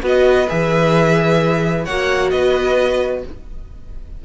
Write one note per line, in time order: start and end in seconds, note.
0.00 0.48 B3
0.00 0.45 F#4
0.00 1.85 B4
0.07 0.49 D#5
0.48 1.87 E3
0.48 1.85 G#4
0.48 1.84 E5
1.84 2.32 A#3
1.84 3.25 F#4
1.84 2.30 C#5
1.84 2.30 F#5
2.30 3.23 B3
2.30 3.24 B4
2.30 3.21 D#5